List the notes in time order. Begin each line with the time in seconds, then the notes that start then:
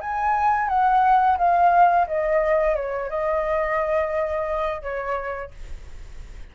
0.00 G#5
0.68 F#5
1.37 F5
2.07 D#5
2.75 C#5
3.09 D#5
4.82 C#5